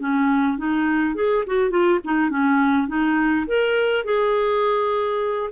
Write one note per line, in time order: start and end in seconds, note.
0.00 0.58 C#4
0.58 1.15 D#4
1.15 1.44 G#4
1.46 1.70 F#4
1.70 1.99 F4
2.04 2.30 D#4
2.30 2.88 C#4
2.88 3.46 D#4
3.47 4.04 A#4
4.04 5.50 G#4